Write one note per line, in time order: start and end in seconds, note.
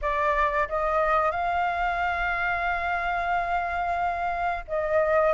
0.02 0.68 D5
0.68 1.31 D#5
1.31 4.64 F5
4.67 5.33 D#5